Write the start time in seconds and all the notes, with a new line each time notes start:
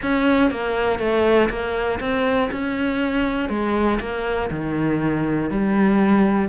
0.02 C#4
0.50 A#3
0.99 A3
1.49 A#3
2.00 C4
2.51 C#4
3.49 G#3
4.00 A#3
4.50 D#3
5.50 G3